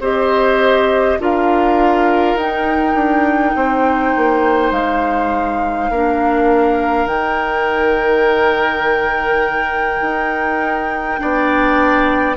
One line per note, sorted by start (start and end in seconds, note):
0.00 1.18 C4
0.00 1.20 G4
0.00 1.19 C5
0.00 1.21 D#5
1.20 2.35 D4
1.20 2.38 F4
1.20 3.56 A#4
1.20 2.38 F5
2.35 2.94 D#4
2.35 5.93 D#4
2.35 4.73 G5
2.94 3.53 D4
3.55 4.14 C4
3.55 5.91 C5
4.17 4.72 A#3
4.72 5.89 G#3
4.72 7.07 F5
5.91 7.06 A#3
5.91 7.09 D4
5.91 11.20 A#4
7.06 10.00 D#3
7.06 11.18 D#4
7.06 12.37 G5
10.01 11.19 D#4
11.18 12.37 B3
11.18 12.35 D4
11.18 12.37 D5